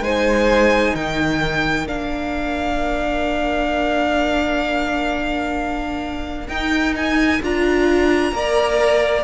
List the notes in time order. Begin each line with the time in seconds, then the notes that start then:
0.00 G#3 D#4 C5 G#5
0.95 D#3 A#4 G5
1.86 A#3 D4 F5
6.48 D#4 G5
6.97 G#5
7.42 D4 F4 A#5
8.32 A#3 A#4 D5